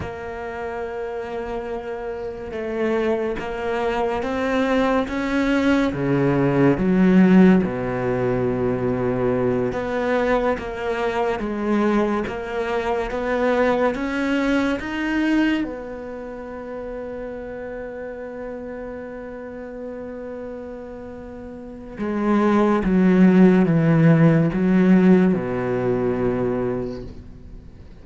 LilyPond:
\new Staff \with { instrumentName = "cello" } { \time 4/4 \tempo 4 = 71 ais2. a4 | ais4 c'4 cis'4 cis4 | fis4 b,2~ b,8 b8~ | b8 ais4 gis4 ais4 b8~ |
b8 cis'4 dis'4 b4.~ | b1~ | b2 gis4 fis4 | e4 fis4 b,2 | }